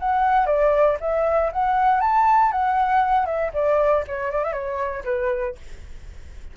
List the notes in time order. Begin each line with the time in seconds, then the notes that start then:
0.00 F#5
0.46 D5
1.01 E5
1.53 F#5
2.01 A5
2.52 F#5
3.26 E5
3.54 D5
4.08 C#5
4.32 D5
4.44 E5
4.53 C#5
5.05 B4